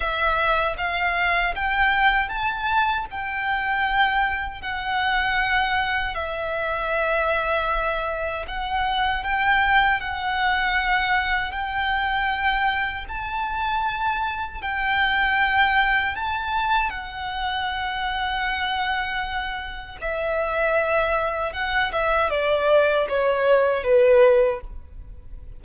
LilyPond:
\new Staff \with { instrumentName = "violin" } { \time 4/4 \tempo 4 = 78 e''4 f''4 g''4 a''4 | g''2 fis''2 | e''2. fis''4 | g''4 fis''2 g''4~ |
g''4 a''2 g''4~ | g''4 a''4 fis''2~ | fis''2 e''2 | fis''8 e''8 d''4 cis''4 b'4 | }